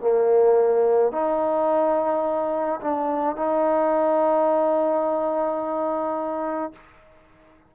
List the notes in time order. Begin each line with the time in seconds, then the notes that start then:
0.00 A#3
1.11 D#4
2.81 D4
3.36 D#4